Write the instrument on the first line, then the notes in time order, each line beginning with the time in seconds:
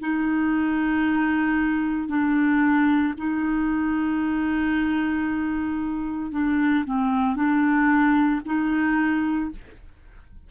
clarinet
0.00 D#4
2.08 D4
3.17 D#4
6.32 D4
6.85 C4
7.35 D4
8.45 D#4